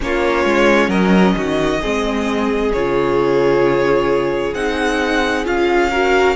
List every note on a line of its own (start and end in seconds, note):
0.00 0.45 A#3
0.00 1.80 C#4
0.00 0.89 F4
0.00 0.90 C#5
0.45 0.88 G#3
0.88 1.34 F#3
0.88 1.34 A#4
0.88 2.72 D#5
1.35 1.80 D#3
1.35 1.81 F#4
1.81 2.72 G#3
1.81 2.73 C4
1.81 5.90 G#4
2.72 4.54 C#3
2.72 4.55 F4
2.72 4.54 C#5
4.54 5.45 C4
4.54 5.45 D#4
4.54 5.45 F#5
5.45 6.35 C#4
5.45 5.90 F4
5.45 6.35 F5
5.90 6.35 F#4
5.90 6.35 A#4